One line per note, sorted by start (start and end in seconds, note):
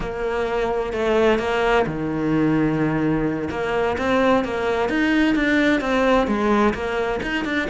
0.00 0.92 A#3
0.92 1.38 A3
1.38 1.85 A#3
1.86 3.49 D#3
3.50 3.97 A#3
3.98 4.44 C4
4.44 4.89 A#3
4.89 5.35 D#4
5.35 5.81 D4
5.81 6.27 C4
6.27 6.73 G#3
6.74 7.20 A#3
7.22 7.44 D#4
7.44 7.68 D4